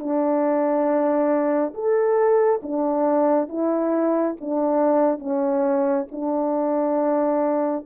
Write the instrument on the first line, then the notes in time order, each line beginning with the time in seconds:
horn
0.00 D4
1.75 A4
2.63 D4
3.49 E4
4.41 D4
5.19 C#4
6.12 D4